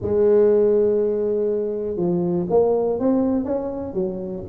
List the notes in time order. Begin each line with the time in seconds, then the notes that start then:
0.01 G#3
1.96 F3
2.49 A#3
2.99 C4
3.44 C#4
3.93 F#3